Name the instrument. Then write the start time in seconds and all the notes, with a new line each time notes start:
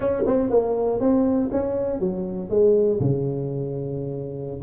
tuba
0.00 C#4
0.26 C4
0.50 A#3
1.00 C4
1.51 C#4
1.99 F#3
2.49 G#3
3.00 C#3